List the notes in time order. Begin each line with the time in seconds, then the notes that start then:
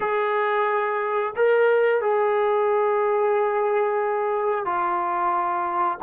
0.00 G#4
1.35 A#4
2.01 G#4
4.65 F4